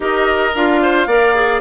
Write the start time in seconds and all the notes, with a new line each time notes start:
0.00 D#4 G4 A#4 D#5
0.54 D4 F4 F5
0.81 C5
1.06 A#3 A#4 D5
1.34 G#4